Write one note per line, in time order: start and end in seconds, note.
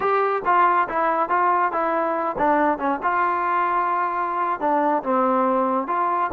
0.00 0.42 G4
0.45 0.88 F4
0.88 1.29 E4
1.29 1.71 F4
1.71 2.36 E4
2.37 2.78 D4
2.78 2.99 C#4
3.02 4.60 F4
4.60 5.02 D4
5.03 5.87 C4
5.87 6.30 F4